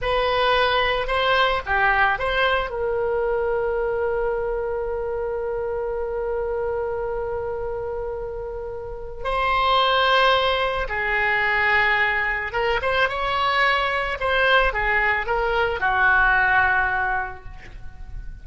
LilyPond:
\new Staff \with { instrumentName = "oboe" } { \time 4/4 \tempo 4 = 110 b'2 c''4 g'4 | c''4 ais'2.~ | ais'1~ | ais'1~ |
ais'4 c''2. | gis'2. ais'8 c''8 | cis''2 c''4 gis'4 | ais'4 fis'2. | }